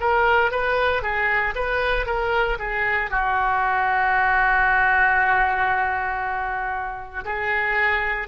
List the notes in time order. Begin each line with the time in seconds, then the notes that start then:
0.00 A#4
0.51 B4
1.02 G#4
1.55 B4
2.06 A#4
2.59 G#4
3.10 F#4
7.25 G#4